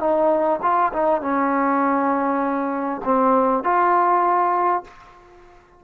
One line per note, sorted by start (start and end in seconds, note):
0.00 0.60 D#4
0.62 0.92 F4
0.93 1.22 D#4
1.22 3.02 C#4
3.05 3.64 C4
3.64 4.84 F4